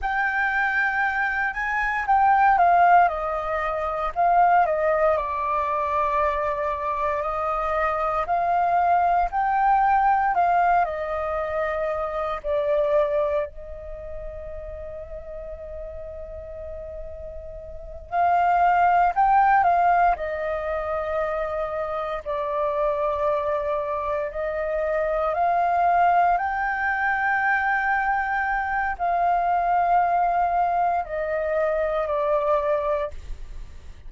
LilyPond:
\new Staff \with { instrumentName = "flute" } { \time 4/4 \tempo 4 = 58 g''4. gis''8 g''8 f''8 dis''4 | f''8 dis''8 d''2 dis''4 | f''4 g''4 f''8 dis''4. | d''4 dis''2.~ |
dis''4. f''4 g''8 f''8 dis''8~ | dis''4. d''2 dis''8~ | dis''8 f''4 g''2~ g''8 | f''2 dis''4 d''4 | }